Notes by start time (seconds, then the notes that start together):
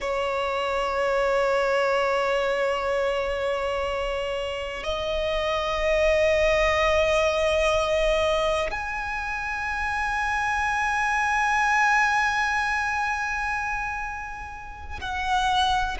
0.00 C#5
4.83 D#5
8.71 G#5
15.00 F#5